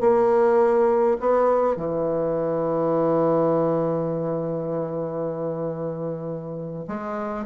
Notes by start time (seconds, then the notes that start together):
0.00 A#3
1.19 B3
1.76 E3
6.87 G#3